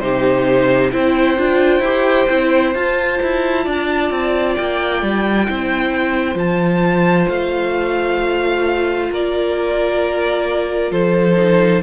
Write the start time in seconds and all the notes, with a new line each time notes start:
0.00 C3 D#4 G4 C5
0.92 C4 E4 C5 G5
1.38 D4 F4
1.80 E4 G4
2.30 C4 E4
2.75 F4 A5
3.23 E4
3.65 D4 D5
4.11 C4
4.56 A#3 G5
5.03 G3
5.48 C4 E4 C5
6.35 F3 F4 A5
7.29 A3 F5
9.11 A#3 A#4 D5
10.91 F3 A4 C5
11.37 D#4